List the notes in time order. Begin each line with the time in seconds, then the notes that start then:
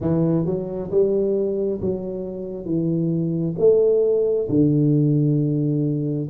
0.00 E3
0.45 F#3
0.90 G3
1.80 F#3
2.65 E3
3.58 A3
4.49 D3